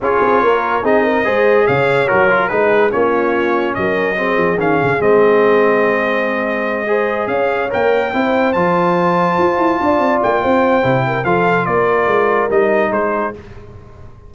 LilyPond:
<<
  \new Staff \with { instrumentName = "trumpet" } { \time 4/4 \tempo 4 = 144 cis''2 dis''2 | f''4 ais'4 b'4 cis''4~ | cis''4 dis''2 f''4 | dis''1~ |
dis''4. f''4 g''4.~ | g''8 a''2.~ a''8~ | a''8 g''2~ g''8 f''4 | d''2 dis''4 c''4 | }
  \new Staff \with { instrumentName = "horn" } { \time 4/4 gis'4 ais'4 gis'8 ais'8 c''4 | cis''2 gis'4 f'4~ | f'4 ais'4 gis'2~ | gis'1~ |
gis'8 c''4 cis''2 c''8~ | c''2.~ c''8 d''8~ | d''4 c''4. ais'8 a'4 | ais'2. gis'4 | }
  \new Staff \with { instrumentName = "trombone" } { \time 4/4 f'2 dis'4 gis'4~ | gis'4 fis'8 f'8 dis'4 cis'4~ | cis'2 c'4 cis'4 | c'1~ |
c'8 gis'2 ais'4 e'8~ | e'8 f'2.~ f'8~ | f'2 e'4 f'4~ | f'2 dis'2 | }
  \new Staff \with { instrumentName = "tuba" } { \time 4/4 cis'8 c'8 ais4 c'4 gis4 | cis4 fis4 gis4 ais4~ | ais4 fis4. f8 dis8 cis8 | gis1~ |
gis4. cis'4 ais4 c'8~ | c'8 f2 f'8 e'8 d'8 | c'8 ais8 c'4 c4 f4 | ais4 gis4 g4 gis4 | }
>>